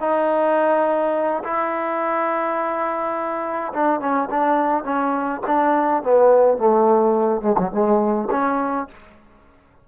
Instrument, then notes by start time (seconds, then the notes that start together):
trombone
0.00 D#4
1.44 E4
3.73 D4
4.00 C#4
4.30 D4
4.83 C#4
5.46 D4
6.03 B3
6.57 A3
7.41 G#3
7.58 F#3
7.71 G#3
8.30 C#4